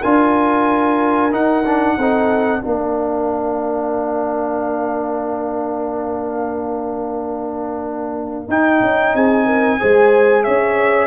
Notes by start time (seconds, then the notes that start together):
0.00 D4 F4 A#4 G#5
1.31 D#4 F#5
1.65 D4
1.96 C4 D#4 A4
2.61 A#3 D4 A#4 F5
8.48 D#4 G5
8.81 C#4
9.14 C4 G#4 G#5
9.46 A#4
9.79 G#3 G#4 C5
10.43 C#4 C#5 E5